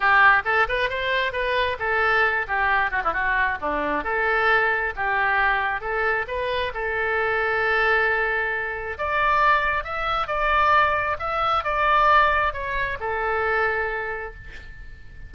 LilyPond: \new Staff \with { instrumentName = "oboe" } { \time 4/4 \tempo 4 = 134 g'4 a'8 b'8 c''4 b'4 | a'4. g'4 fis'16 e'16 fis'4 | d'4 a'2 g'4~ | g'4 a'4 b'4 a'4~ |
a'1 | d''2 e''4 d''4~ | d''4 e''4 d''2 | cis''4 a'2. | }